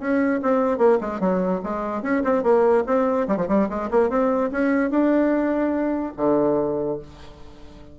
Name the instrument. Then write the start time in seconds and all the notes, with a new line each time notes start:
bassoon
0.00 C#4
0.42 C4
0.78 A#3
1.01 G#3
1.20 F#3
1.64 G#3
2.03 C#4
2.24 C4
2.44 A#3
2.87 C4
3.28 G3
3.37 F3
3.48 G3
3.69 G#3
3.91 A#3
4.10 C4
4.52 C#4
4.91 D4
6.17 D3